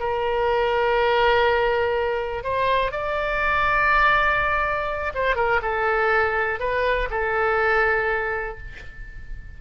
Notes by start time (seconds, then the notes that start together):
0.00 A#4
2.44 C5
2.92 D5
5.15 C5
5.36 A#4
5.63 A4
6.60 B4
7.11 A4